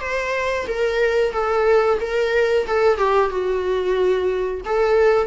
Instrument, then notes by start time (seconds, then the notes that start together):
viola
0.00 C5
0.67 A#4
1.32 A4
2.00 A#4
2.66 A4
2.97 G4
3.29 F#4
4.65 A4